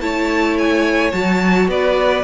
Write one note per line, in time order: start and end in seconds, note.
0.00 1.12 A3
0.00 1.12 E4
0.00 1.69 C#5
0.00 0.57 A5
0.58 1.12 G#5
1.12 1.68 F#3
1.12 2.24 F#4
1.12 1.68 A5
1.68 2.24 B3
1.68 2.24 B4
1.68 2.24 D5